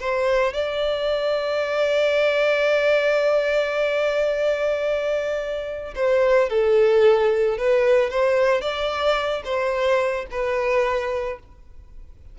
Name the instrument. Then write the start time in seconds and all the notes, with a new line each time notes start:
violin
0.00 C5
0.54 D5
5.96 C5
6.50 A4
7.58 B4
8.10 C5
8.62 D5
9.45 C5
10.31 B4